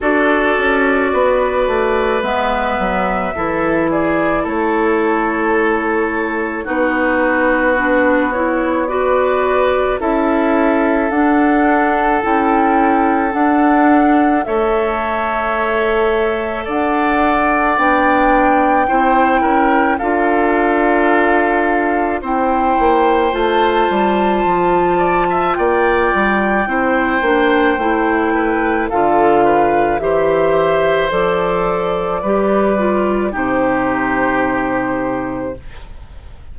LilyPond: <<
  \new Staff \with { instrumentName = "flute" } { \time 4/4 \tempo 4 = 54 d''2 e''4. d''8 | cis''2 b'4. cis''8 | d''4 e''4 fis''4 g''4 | fis''4 e''2 fis''4 |
g''2 f''2 | g''4 a''2 g''4~ | g''2 f''4 e''4 | d''2 c''2 | }
  \new Staff \with { instrumentName = "oboe" } { \time 4/4 a'4 b'2 a'8 gis'8 | a'2 fis'2 | b'4 a'2.~ | a'4 cis''2 d''4~ |
d''4 c''8 ais'8 a'2 | c''2~ c''8 d''16 e''16 d''4 | c''4. b'8 a'8 b'8 c''4~ | c''4 b'4 g'2 | }
  \new Staff \with { instrumentName = "clarinet" } { \time 4/4 fis'2 b4 e'4~ | e'2 dis'4 d'8 e'8 | fis'4 e'4 d'4 e'4 | d'4 a'2. |
d'4 e'4 f'2 | e'4 f'2. | e'8 d'8 e'4 f'4 g'4 | a'4 g'8 f'8 dis'2 | }
  \new Staff \with { instrumentName = "bassoon" } { \time 4/4 d'8 cis'8 b8 a8 gis8 fis8 e4 | a2 b2~ | b4 cis'4 d'4 cis'4 | d'4 a2 d'4 |
b4 c'8 cis'8 d'2 | c'8 ais8 a8 g8 f4 ais8 g8 | c'8 ais8 a4 d4 e4 | f4 g4 c2 | }
>>